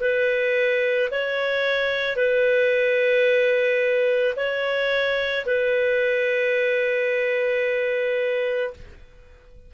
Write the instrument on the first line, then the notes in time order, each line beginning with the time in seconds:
clarinet
0.00 B4
1.11 C#5
2.16 B4
4.36 C#5
5.46 B4